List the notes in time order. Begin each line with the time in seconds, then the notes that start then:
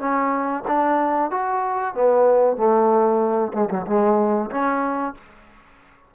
0.00 C#4
0.68 D4
1.31 F#4
1.95 B3
2.57 A3
3.54 G#3
3.70 F#3
3.87 G#3
4.51 C#4